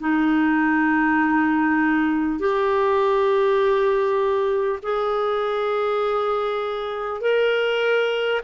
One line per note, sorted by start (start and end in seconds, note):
0.00 2.39 D#4
2.39 4.79 G4
4.83 7.21 G#4
7.21 8.41 A#4